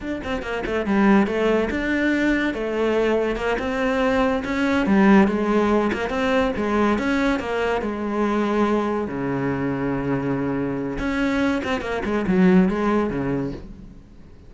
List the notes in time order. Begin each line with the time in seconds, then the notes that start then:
0.00 D4
0.24 C4
0.42 A#3
0.65 A3
0.86 G3
1.26 A3
1.70 D4
2.54 A3
3.36 A#3
3.58 C4
4.44 C#4
4.86 G3
5.27 G#3
5.93 A#3
6.09 C4
6.56 G#3
6.98 C#4
7.39 A#3
7.81 G#3
9.07 C#3
10.98 C#4
11.64 C4
11.81 A#3
12.04 G#3
12.27 F#3
12.68 G#3
13.09 C#3